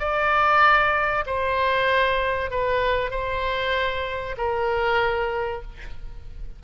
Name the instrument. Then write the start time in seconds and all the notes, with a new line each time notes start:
oboe
0.00 D5
1.27 C5
2.51 B4
3.11 C5
4.38 A#4